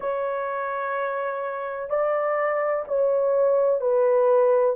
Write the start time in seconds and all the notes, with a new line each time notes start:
0.00 C#5
1.89 D5
2.87 C#5
3.81 B4